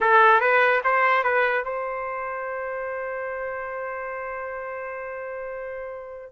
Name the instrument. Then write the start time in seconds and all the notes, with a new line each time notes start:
trumpet
0.01 A4
0.40 B4
0.84 C5
1.23 B4
1.63 C5